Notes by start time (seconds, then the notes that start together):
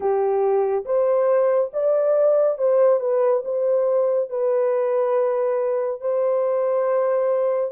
0.00 G4
0.85 C5
1.73 D5
2.58 C5
3.00 B4
3.44 C5
4.29 B4
6.00 C5